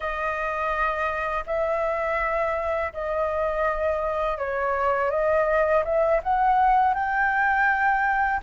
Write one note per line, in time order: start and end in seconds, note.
0.00 1.43 D#5
1.46 2.92 E5
2.93 4.37 D#5
4.37 5.10 C#5
5.10 5.83 D#5
5.84 6.20 E5
6.23 6.94 F#5
6.94 8.40 G5